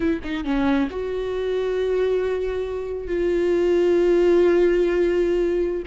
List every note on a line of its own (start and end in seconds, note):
0.00 0.20 E4
0.23 0.44 D#4
0.44 0.88 C#4
0.90 3.07 F#4
3.07 5.83 F4